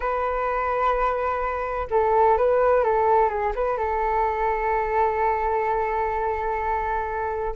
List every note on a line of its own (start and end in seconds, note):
0.00 1.87 B4
1.90 2.37 A4
2.37 2.84 B4
2.84 3.29 A4
3.29 3.53 G#4
3.55 3.77 B4
3.77 7.55 A4